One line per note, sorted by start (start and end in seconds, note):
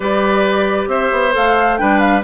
0.00 0.87 G3
0.00 1.32 G4
0.00 0.88 B4
0.00 0.88 D5
0.87 1.09 C4
0.87 1.79 C5
0.87 1.33 E5
1.12 1.34 B3
1.32 1.81 A3
1.32 1.77 A4
1.32 1.77 F5
1.77 2.23 G3
1.77 2.22 D4
1.77 2.23 B4
1.77 1.99 G5
1.99 2.22 F5